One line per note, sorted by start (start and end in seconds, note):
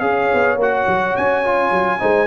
0.00 0.29 C#4
0.00 0.57 G#4
0.00 2.00 C#5
0.00 0.57 F5
0.33 0.56 B3
0.56 0.85 A#3
0.56 1.44 F#4
0.56 1.16 F#5
0.87 1.15 F#3
1.16 1.71 C#4
1.16 2.27 G#5
1.44 1.99 F4
1.71 2.00 F#3
1.99 2.27 G#3
1.99 2.27 D#4
1.99 2.27 C5